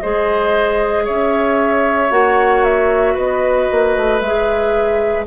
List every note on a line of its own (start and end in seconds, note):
0.00 1.08 G#3
0.00 2.10 G#4
0.00 1.04 C5
0.00 1.05 D#5
1.04 2.10 C#4
1.04 3.14 C#5
1.04 2.11 E5
2.10 3.16 A#3
2.10 4.20 F#4
2.10 2.64 F#5
2.64 3.16 E5
3.14 3.68 B3
3.14 5.24 B4
3.14 4.20 D#5
3.71 3.96 A#3
3.96 4.20 A3
4.20 5.25 G#3
4.20 5.25 E5
4.26 5.27 G#4